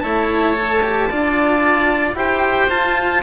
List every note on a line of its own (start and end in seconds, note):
0.00 1.10 A3
0.00 0.54 E4
0.00 1.09 C#5
0.00 2.12 A5
0.54 0.80 A4
0.82 1.09 G4
1.10 2.14 D4
1.10 2.15 F4
1.10 2.16 D5
2.14 2.67 E4
2.14 2.68 G4
2.14 3.23 C5
2.14 2.70 G5
2.69 3.22 F4
2.69 3.23 F4
2.69 3.23 A5